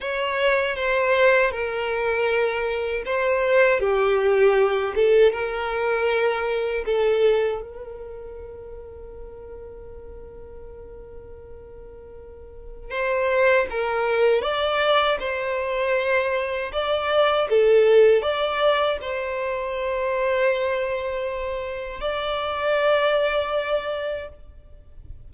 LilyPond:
\new Staff \with { instrumentName = "violin" } { \time 4/4 \tempo 4 = 79 cis''4 c''4 ais'2 | c''4 g'4. a'8 ais'4~ | ais'4 a'4 ais'2~ | ais'1~ |
ais'4 c''4 ais'4 d''4 | c''2 d''4 a'4 | d''4 c''2.~ | c''4 d''2. | }